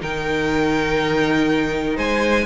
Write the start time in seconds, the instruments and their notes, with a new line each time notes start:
0.00 cello D#3, viola D#4, violin A#4 G5
1.97 cello G#3, violin C5 G#5